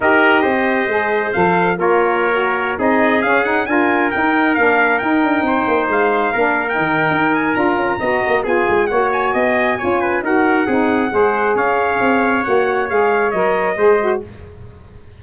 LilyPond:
<<
  \new Staff \with { instrumentName = "trumpet" } { \time 4/4 \tempo 4 = 135 dis''2. f''4 | cis''2~ cis''16 dis''4 f''8 fis''16~ | fis''16 gis''4 g''4 f''4 g''8.~ | g''4~ g''16 f''4.~ f''16 g''4~ |
g''8 gis''8 ais''2 gis''4 | fis''8 gis''2~ gis''8 fis''4~ | fis''2 f''2 | fis''4 f''4 dis''2 | }
  \new Staff \with { instrumentName = "trumpet" } { \time 4/4 ais'4 c''2. | ais'2~ ais'16 gis'4.~ gis'16~ | gis'16 ais'2.~ ais'8.~ | ais'16 c''2 ais'4.~ ais'16~ |
ais'2 dis''4 gis'4 | cis''4 dis''4 cis''8 b'8 ais'4 | gis'4 c''4 cis''2~ | cis''2. c''4 | }
  \new Staff \with { instrumentName = "saxophone" } { \time 4/4 g'2 gis'4 a'4 | f'4~ f'16 fis'4 dis'4 cis'8 dis'16~ | dis'16 f'4 dis'4 d'4 dis'8.~ | dis'2~ dis'16 d'8. dis'4~ |
dis'4 f'4 fis'4 f'4 | fis'2 f'4 fis'4 | dis'4 gis'2. | fis'4 gis'4 ais'4 gis'8 fis'8 | }
  \new Staff \with { instrumentName = "tuba" } { \time 4/4 dis'4 c'4 gis4 f4 | ais2~ ais16 c'4 cis'8.~ | cis'16 d'4 dis'4 ais4 dis'8 d'16~ | d'16 c'8 ais8 gis4 ais4 dis8. |
dis'4 d'8 cis'8 b8 ais8 b8 gis8 | ais4 b4 cis'4 dis'4 | c'4 gis4 cis'4 c'4 | ais4 gis4 fis4 gis4 | }
>>